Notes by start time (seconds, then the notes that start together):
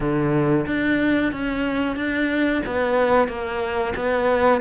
0.00 D3
0.66 D4
1.32 C#4
1.95 D4
2.66 B3
3.28 A#3
3.95 B3